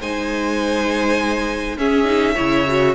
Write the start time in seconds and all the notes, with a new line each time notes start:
0.00 G#3 D#4 C5 G#5
1.77 C#4 G#4 E5
2.05 D#4
2.35 C#3 E4 C#5
2.67 F#4